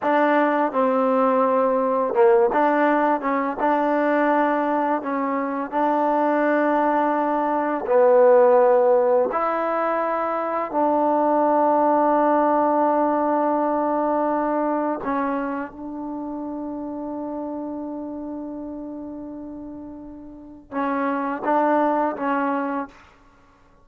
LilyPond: \new Staff \with { instrumentName = "trombone" } { \time 4/4 \tempo 4 = 84 d'4 c'2 ais8 d'8~ | d'8 cis'8 d'2 cis'4 | d'2. b4~ | b4 e'2 d'4~ |
d'1~ | d'4 cis'4 d'2~ | d'1~ | d'4 cis'4 d'4 cis'4 | }